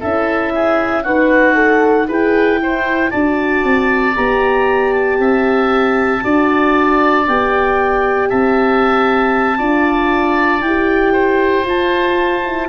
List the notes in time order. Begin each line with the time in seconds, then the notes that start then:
0.00 C#4 E4 A4 E5
0.54 G#4
1.03 D#4 F#4 B4 F#5
1.54 A4
2.07 E4 G#4 B4 G5
2.61 E4 C5
3.10 D4 F#4 D5 A5
3.64 C4
4.15 B3 G4 A#5
4.92 A5
5.19 C4 E5
6.21 D4 F#4 D5
7.27 B3 G4 G5
8.29 C4 E5 A5
9.58 D4 F4 D5
10.61 E4 G4 G5
11.12 C5
11.64 F4 A5
12.44 E4